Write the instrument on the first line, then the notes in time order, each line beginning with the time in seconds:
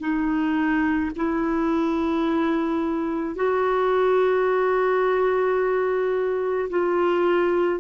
clarinet
0.00 D#4
1.16 E4
3.35 F#4
6.70 F4